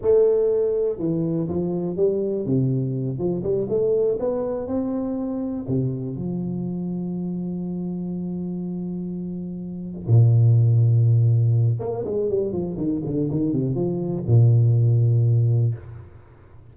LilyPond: \new Staff \with { instrumentName = "tuba" } { \time 4/4 \tempo 4 = 122 a2 e4 f4 | g4 c4. f8 g8 a8~ | a8 b4 c'2 c8~ | c8 f2.~ f8~ |
f1~ | f8 ais,2.~ ais,8 | ais8 gis8 g8 f8 dis8 d8 dis8 c8 | f4 ais,2. | }